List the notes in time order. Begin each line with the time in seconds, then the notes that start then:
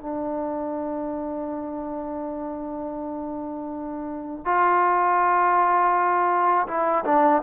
0.00 D4
4.44 F4
6.67 E4
7.05 D4